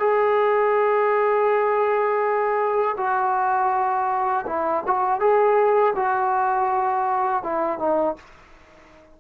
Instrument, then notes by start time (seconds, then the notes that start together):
trombone
0.00 G#4
2.97 F#4
4.47 E4
4.87 F#4
5.20 G#4
5.96 F#4
7.43 E4
7.79 D#4